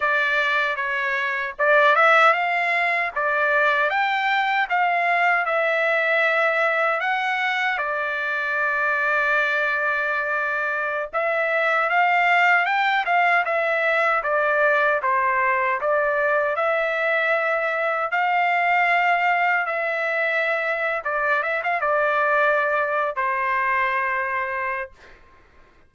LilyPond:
\new Staff \with { instrumentName = "trumpet" } { \time 4/4 \tempo 4 = 77 d''4 cis''4 d''8 e''8 f''4 | d''4 g''4 f''4 e''4~ | e''4 fis''4 d''2~ | d''2~ d''16 e''4 f''8.~ |
f''16 g''8 f''8 e''4 d''4 c''8.~ | c''16 d''4 e''2 f''8.~ | f''4~ f''16 e''4.~ e''16 d''8 e''16 f''16 | d''4.~ d''16 c''2~ c''16 | }